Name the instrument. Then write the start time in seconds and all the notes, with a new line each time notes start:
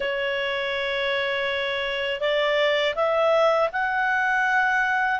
clarinet
0.00 C#5
2.20 D5
2.95 E5
3.72 F#5